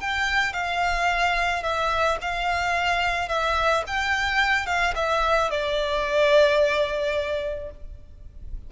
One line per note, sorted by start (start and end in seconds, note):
0.00 0.53 G5
0.53 1.63 F5
1.63 2.18 E5
2.21 3.29 F5
3.29 3.84 E5
3.87 4.66 G5
4.66 4.94 F5
4.95 5.50 E5
5.50 7.70 D5